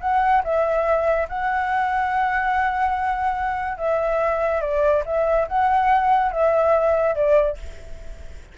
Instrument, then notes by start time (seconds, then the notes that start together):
flute
0.00 F#5
0.43 E5
1.28 F#5
3.77 E5
4.61 D5
5.05 E5
5.48 F#5
6.31 E5
7.15 D5